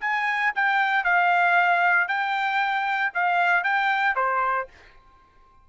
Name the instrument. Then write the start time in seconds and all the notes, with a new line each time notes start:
trumpet
0.00 G#5
0.55 G5
1.04 F5
2.08 G5
3.14 F5
3.63 G5
4.15 C5